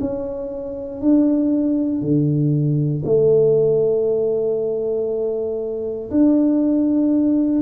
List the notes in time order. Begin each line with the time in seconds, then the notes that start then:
0.00 C#4
1.01 D4
2.01 D3
3.05 A3
6.10 D4